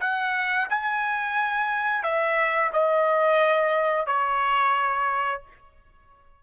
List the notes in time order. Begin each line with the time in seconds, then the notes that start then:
0.00 F#5
0.70 G#5
2.03 E5
2.73 D#5
4.07 C#5